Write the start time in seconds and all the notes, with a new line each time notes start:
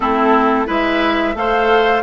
0.00 A3 C4 E4 A4
0.66 G#3 E4 B4 E5
1.34 A3 A4 C5 F5